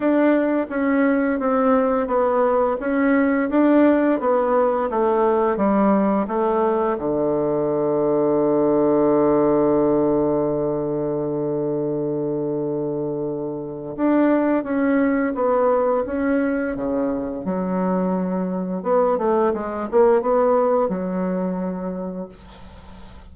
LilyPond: \new Staff \with { instrumentName = "bassoon" } { \time 4/4 \tempo 4 = 86 d'4 cis'4 c'4 b4 | cis'4 d'4 b4 a4 | g4 a4 d2~ | d1~ |
d1 | d'4 cis'4 b4 cis'4 | cis4 fis2 b8 a8 | gis8 ais8 b4 fis2 | }